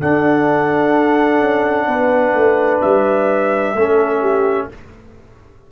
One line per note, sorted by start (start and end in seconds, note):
0.00 3.76 D4
0.00 1.41 D4
0.00 1.88 A4
0.00 2.81 F#5
1.41 1.87 C#4
1.87 2.34 B3
1.87 3.76 B4
2.35 2.81 A3
2.81 3.74 G3
2.81 4.69 E5
3.74 4.68 A3
3.74 4.72 C#4
3.74 4.21 A4
4.21 4.68 G4